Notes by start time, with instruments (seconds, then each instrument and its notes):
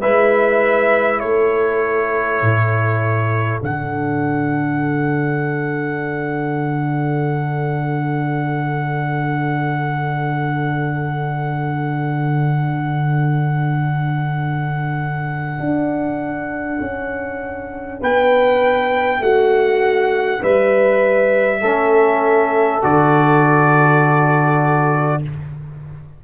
0.00 tuba G#3, trombone E4, horn B4, trumpet E5
1.19 tuba A3, horn A4, trumpet C#5
2.41 tuba A2
3.61 tuba D3, trombone D4, trumpet F#5
15.60 tuba D4
16.81 tuba C#4
18.00 tuba B3, horn B4, trumpet G5
19.19 tuba A3, horn F#4, trumpet F#5
20.41 tuba G3, horn B4, trumpet E5
21.61 tuba A3, trombone C#4, horn A4
22.82 tuba D3, trombone F#4, trumpet D5